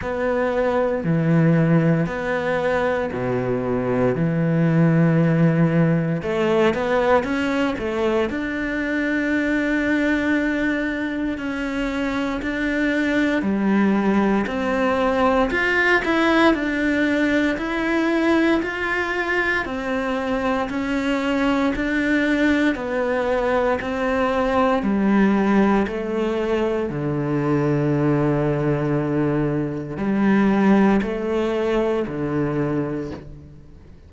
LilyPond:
\new Staff \with { instrumentName = "cello" } { \time 4/4 \tempo 4 = 58 b4 e4 b4 b,4 | e2 a8 b8 cis'8 a8 | d'2. cis'4 | d'4 g4 c'4 f'8 e'8 |
d'4 e'4 f'4 c'4 | cis'4 d'4 b4 c'4 | g4 a4 d2~ | d4 g4 a4 d4 | }